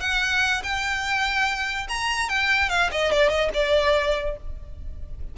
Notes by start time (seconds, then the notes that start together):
0.00 F#5
0.63 G5
1.89 A#5
2.29 G5
2.69 F5
2.91 D#5
3.12 D5
3.29 D#5
3.54 D5